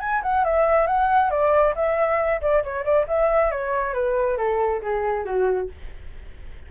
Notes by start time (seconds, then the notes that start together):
0.00 G#5
0.22 F#5
0.44 E5
0.87 F#5
1.31 D5
1.75 E5
2.41 D5
2.64 C#5
2.84 D5
3.08 E5
3.51 C#5
3.94 B4
4.38 A4
4.82 G#4
5.25 F#4